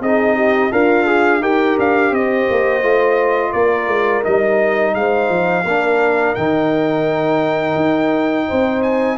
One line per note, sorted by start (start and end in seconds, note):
0.00 0.71 C4
0.00 0.71 D#4
0.00 0.35 G#4
0.00 0.72 D#5
0.35 0.71 G4
0.71 1.40 D4
0.71 1.41 F4
0.71 1.06 A#4
0.71 1.42 F5
1.06 1.41 G#4
1.40 1.76 D#4
1.40 2.82 G4
1.40 2.12 A#4
1.40 1.78 G5
1.78 2.11 D4
1.78 2.14 F5
2.11 2.46 C4
2.11 3.51 C5
2.11 3.52 D#5
2.50 2.82 A#3
2.82 3.52 A3
2.82 4.23 F4
3.51 3.87 A#3
3.51 4.93 A#4
3.51 4.23 D5
3.87 4.22 G#3
4.23 4.94 G3
4.23 5.64 D#4
4.23 4.94 D#5
4.94 5.29 G#3
4.94 5.65 C5
4.94 6.35 F5
5.29 5.64 F3
5.64 6.35 A#3
5.64 6.36 D4
5.64 8.47 A#4
6.35 7.75 D#3
6.35 9.18 D#4
6.35 8.82 G5
7.75 8.46 D#4
8.47 9.18 C4
8.47 9.18 C5
8.82 9.17 G#5